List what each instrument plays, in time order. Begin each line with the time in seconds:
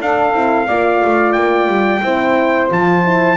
0.00 double bass D4, horn D4, saxophone A4, trumpet F5
0.32 double bass C4, horn E4
0.67 double bass A#3, horn F4, saxophone D5
1.04 double bass A3
1.33 double bass A#3, trumpet G5
1.67 double bass G3
2.02 double bass C4, horn E4, saxophone C5
2.69 double bass F3, horn F4, trumpet A5
3.04 horn E4